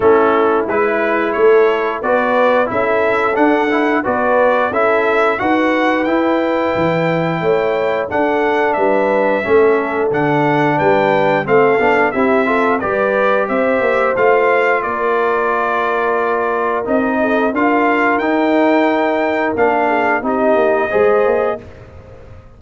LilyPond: <<
  \new Staff \with { instrumentName = "trumpet" } { \time 4/4 \tempo 4 = 89 a'4 b'4 cis''4 d''4 | e''4 fis''4 d''4 e''4 | fis''4 g''2. | fis''4 e''2 fis''4 |
g''4 f''4 e''4 d''4 | e''4 f''4 d''2~ | d''4 dis''4 f''4 g''4~ | g''4 f''4 dis''2 | }
  \new Staff \with { instrumentName = "horn" } { \time 4/4 e'2 a'4 b'4 | a'2 b'4 a'4 | b'2. cis''4 | a'4 b'4 a'2 |
b'4 a'4 g'8 a'8 b'4 | c''2 ais'2~ | ais'4. a'8 ais'2~ | ais'4. gis'8 g'4 c''4 | }
  \new Staff \with { instrumentName = "trombone" } { \time 4/4 cis'4 e'2 fis'4 | e'4 d'8 e'8 fis'4 e'4 | fis'4 e'2. | d'2 cis'4 d'4~ |
d'4 c'8 d'8 e'8 f'8 g'4~ | g'4 f'2.~ | f'4 dis'4 f'4 dis'4~ | dis'4 d'4 dis'4 gis'4 | }
  \new Staff \with { instrumentName = "tuba" } { \time 4/4 a4 gis4 a4 b4 | cis'4 d'4 b4 cis'4 | dis'4 e'4 e4 a4 | d'4 g4 a4 d4 |
g4 a8 b8 c'4 g4 | c'8 ais8 a4 ais2~ | ais4 c'4 d'4 dis'4~ | dis'4 ais4 c'8 ais8 gis8 ais8 | }
>>